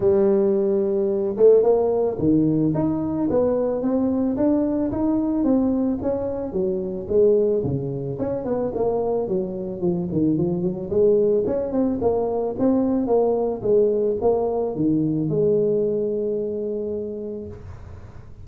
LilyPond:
\new Staff \with { instrumentName = "tuba" } { \time 4/4 \tempo 4 = 110 g2~ g8 a8 ais4 | dis4 dis'4 b4 c'4 | d'4 dis'4 c'4 cis'4 | fis4 gis4 cis4 cis'8 b8 |
ais4 fis4 f8 dis8 f8 fis8 | gis4 cis'8 c'8 ais4 c'4 | ais4 gis4 ais4 dis4 | gis1 | }